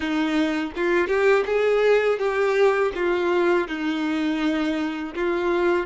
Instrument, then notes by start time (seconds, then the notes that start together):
violin
0.00 D#4
0.75 F4
1.07 G4
1.46 G#4
2.19 G4
2.95 F4
3.68 D#4
5.14 F4